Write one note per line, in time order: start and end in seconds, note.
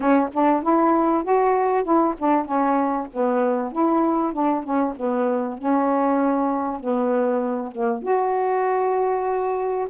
0.00 0.29 C#4
0.33 0.62 D4
0.62 1.23 E4
1.23 1.83 F#4
1.83 2.14 E4
2.18 2.45 D4
2.45 3.07 C#4
3.12 3.72 B3
3.72 4.32 E4
4.32 4.63 D4
4.63 4.94 C#4
4.96 5.58 B3
5.58 6.80 C#4
6.80 7.71 B3
7.71 8.02 A#3
8.02 9.87 F#4